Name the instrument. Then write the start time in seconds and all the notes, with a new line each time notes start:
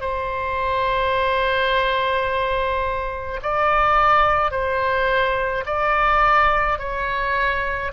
oboe
0.00 C5
3.42 D5
4.51 C5
5.66 D5
6.78 C#5